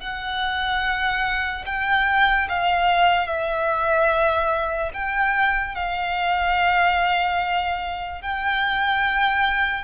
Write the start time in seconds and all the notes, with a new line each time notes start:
0.00 F#5
1.66 G5
2.49 F5
3.27 E5
4.93 G5
5.75 F5
8.22 G5